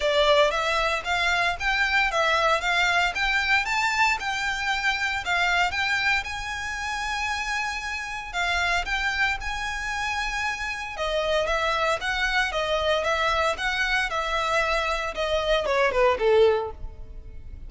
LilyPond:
\new Staff \with { instrumentName = "violin" } { \time 4/4 \tempo 4 = 115 d''4 e''4 f''4 g''4 | e''4 f''4 g''4 a''4 | g''2 f''4 g''4 | gis''1 |
f''4 g''4 gis''2~ | gis''4 dis''4 e''4 fis''4 | dis''4 e''4 fis''4 e''4~ | e''4 dis''4 cis''8 b'8 a'4 | }